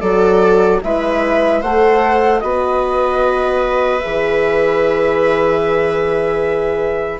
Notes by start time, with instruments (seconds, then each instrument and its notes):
0.00 bassoon F#3, horn F#4, viola A4, flute D5
0.82 bassoon G#3, horn E4, viola B4, flute E5
1.61 bassoon A3, horn A4, viola C5, flute F#5
2.40 bassoon B3, horn F#4, viola B4, flute D#5
3.99 bassoon E3, horn G#4, flute E5